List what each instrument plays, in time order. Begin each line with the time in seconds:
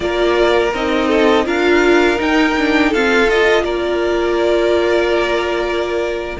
0.00 cello A#3, viola F4, violin A#4 D5
0.73 cello C4, viola D#4, violin D#5
1.08 violin A4
1.45 cello D4, viola F4, violin A#4 F5
2.16 viola D#4, cello D#4, violin G5
2.57 viola D4
2.89 viola C4, cello F4, violin A4 F5
3.28 viola F4, violin D#5
3.61 cello A#3, violin A#4 D5